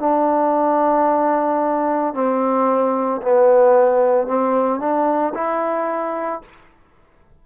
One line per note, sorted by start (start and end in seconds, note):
0.00 2.14 D4
2.14 3.21 C4
3.22 4.28 B3
4.28 4.80 C4
4.80 5.33 D4
5.35 6.42 E4